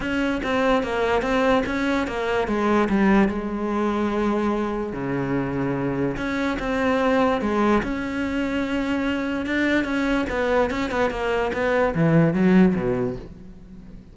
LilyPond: \new Staff \with { instrumentName = "cello" } { \time 4/4 \tempo 4 = 146 cis'4 c'4 ais4 c'4 | cis'4 ais4 gis4 g4 | gis1 | cis2. cis'4 |
c'2 gis4 cis'4~ | cis'2. d'4 | cis'4 b4 cis'8 b8 ais4 | b4 e4 fis4 b,4 | }